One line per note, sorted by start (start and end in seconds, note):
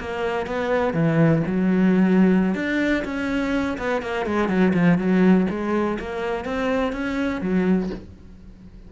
0.00 0.47 A#3
0.47 0.94 B3
0.94 1.43 E3
1.47 2.55 F#3
2.55 3.04 D4
3.05 3.78 C#4
3.78 4.02 B3
4.02 4.26 A#3
4.26 4.49 G#3
4.49 4.73 F#3
4.74 4.98 F3
4.98 5.47 F#3
5.50 5.99 G#3
6.00 6.45 A#3
6.45 6.93 C4
6.93 7.41 C#4
7.41 7.90 F#3